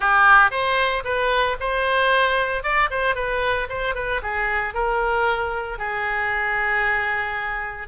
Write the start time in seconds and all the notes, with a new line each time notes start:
0.00 G4
0.50 C5
1.04 B4
1.59 C5
2.63 D5
2.90 C5
3.15 B4
3.69 C5
3.94 B4
4.22 G#4
4.73 A#4
5.78 G#4